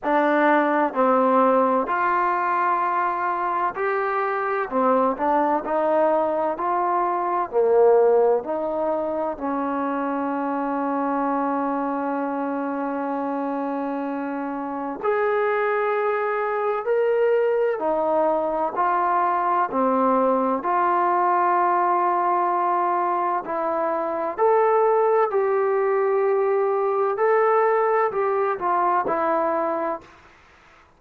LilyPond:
\new Staff \with { instrumentName = "trombone" } { \time 4/4 \tempo 4 = 64 d'4 c'4 f'2 | g'4 c'8 d'8 dis'4 f'4 | ais4 dis'4 cis'2~ | cis'1 |
gis'2 ais'4 dis'4 | f'4 c'4 f'2~ | f'4 e'4 a'4 g'4~ | g'4 a'4 g'8 f'8 e'4 | }